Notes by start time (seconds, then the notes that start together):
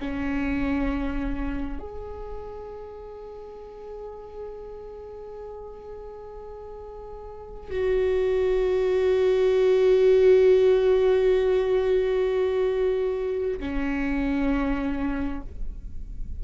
0.00 C#4
1.80 G#4
7.71 F#4
13.60 C#4